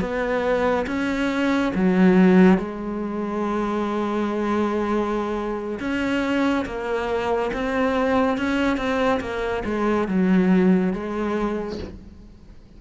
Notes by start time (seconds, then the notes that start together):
0.00 B3
0.86 C#4
1.75 F#3
2.58 G#3
5.79 C#4
6.65 A#3
7.53 C4
8.37 C#4
8.77 C4
9.20 A#3
9.65 G#3
10.08 F#3
10.93 G#3